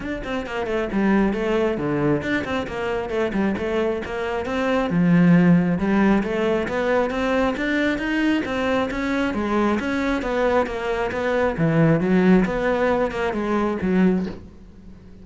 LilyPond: \new Staff \with { instrumentName = "cello" } { \time 4/4 \tempo 4 = 135 d'8 c'8 ais8 a8 g4 a4 | d4 d'8 c'8 ais4 a8 g8 | a4 ais4 c'4 f4~ | f4 g4 a4 b4 |
c'4 d'4 dis'4 c'4 | cis'4 gis4 cis'4 b4 | ais4 b4 e4 fis4 | b4. ais8 gis4 fis4 | }